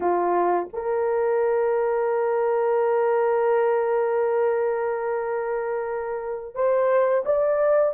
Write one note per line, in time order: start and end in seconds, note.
0.00 0.68 F4
0.73 6.55 A#4
6.55 7.24 C5
7.25 7.94 D5